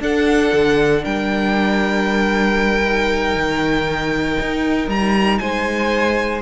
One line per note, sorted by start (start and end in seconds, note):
0.00 0.51 D4
0.00 2.82 D4
0.00 1.03 A4
0.00 1.04 F#5
0.53 1.04 D3
1.03 3.35 G3
1.03 5.39 A#4
1.03 4.89 G5
2.84 6.42 D#4
3.35 4.38 D#3
4.40 4.87 D#4
4.87 5.39 G3
4.87 5.38 A#5
5.38 6.42 G#3
5.38 6.42 C5
5.38 6.41 G#5